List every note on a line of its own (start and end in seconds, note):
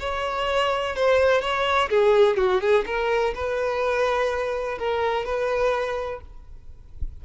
0.00 0.96 C#5
0.96 1.42 C5
1.42 1.90 C#5
1.90 2.37 G#4
2.37 2.61 F#4
2.61 2.85 G#4
2.86 3.34 A#4
3.35 4.79 B4
4.79 5.25 A#4
5.25 6.21 B4